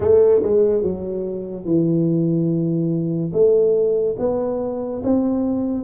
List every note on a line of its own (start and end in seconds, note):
0.00 0.42 A3
0.42 0.82 G#3
0.82 1.65 F#3
1.65 3.31 E3
3.32 4.16 A3
4.19 5.02 B3
5.03 5.83 C4